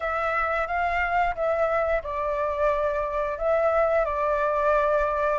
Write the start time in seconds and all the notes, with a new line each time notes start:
0.00 E5
0.67 F5
1.35 E5
2.03 D5
3.38 E5
4.05 D5